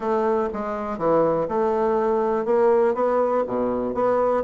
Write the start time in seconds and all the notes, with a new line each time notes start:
0.00 A3
0.53 G#3
0.97 E3
1.48 A3
2.45 A#3
2.94 B3
3.47 B2
3.94 B3